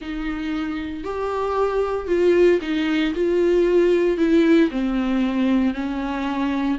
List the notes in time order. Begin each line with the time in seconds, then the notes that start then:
0.01 D#4
1.04 G4
2.07 F4
2.61 D#4
3.14 F4
4.17 E4
4.70 C4
5.74 C#4